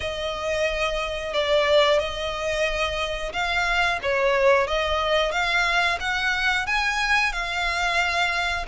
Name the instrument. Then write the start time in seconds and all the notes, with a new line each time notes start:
violin
0.00 D#5
1.33 D5
1.99 D#5
3.32 F5
4.02 C#5
4.67 D#5
5.32 F5
6.00 F#5
6.66 G#5
7.32 F5